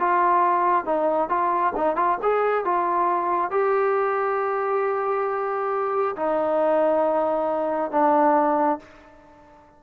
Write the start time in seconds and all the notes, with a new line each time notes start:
0.00 F4
0.85 D#4
1.30 F4
1.77 D#4
1.97 F4
2.23 G#4
2.65 F4
3.51 G4
6.17 D#4
7.92 D4